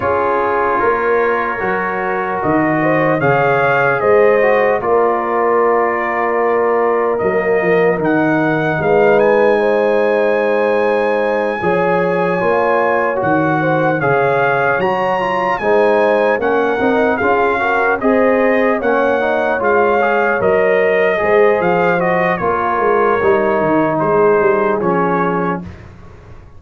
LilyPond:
<<
  \new Staff \with { instrumentName = "trumpet" } { \time 4/4 \tempo 4 = 75 cis''2. dis''4 | f''4 dis''4 d''2~ | d''4 dis''4 fis''4 f''8 gis''8~ | gis''1~ |
gis''8 fis''4 f''4 ais''4 gis''8~ | gis''8 fis''4 f''4 dis''4 fis''8~ | fis''8 f''4 dis''4. f''8 dis''8 | cis''2 c''4 cis''4 | }
  \new Staff \with { instrumentName = "horn" } { \time 4/4 gis'4 ais'2~ ais'8 c''8 | cis''4 c''4 ais'2~ | ais'2. b'4 | c''2~ c''8 cis''4.~ |
cis''4 c''8 cis''2 c''8~ | c''8 ais'4 gis'8 ais'8 c''4 cis''8~ | cis''2~ cis''8 c''4. | ais'2 gis'2 | }
  \new Staff \with { instrumentName = "trombone" } { \time 4/4 f'2 fis'2 | gis'4. fis'8 f'2~ | f'4 ais4 dis'2~ | dis'2~ dis'8 gis'4 f'8~ |
f'8 fis'4 gis'4 fis'8 f'8 dis'8~ | dis'8 cis'8 dis'8 f'8 fis'8 gis'4 cis'8 | dis'8 f'8 gis'8 ais'4 gis'4 fis'8 | f'4 dis'2 cis'4 | }
  \new Staff \with { instrumentName = "tuba" } { \time 4/4 cis'4 ais4 fis4 dis4 | cis4 gis4 ais2~ | ais4 fis8 f8 dis4 gis4~ | gis2~ gis8 f4 ais8~ |
ais8 dis4 cis4 fis4 gis8~ | gis8 ais8 c'8 cis'4 c'4 ais8~ | ais8 gis4 fis4 gis8 f4 | ais8 gis8 g8 dis8 gis8 g8 f4 | }
>>